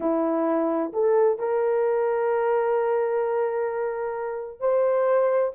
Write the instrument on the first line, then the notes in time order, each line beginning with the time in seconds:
horn
0.00 E4
0.92 A4
1.38 A#4
4.60 C5